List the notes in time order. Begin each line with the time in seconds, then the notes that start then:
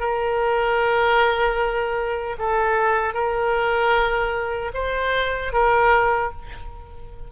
0.00 A#4
2.39 A4
3.14 A#4
4.74 C5
5.53 A#4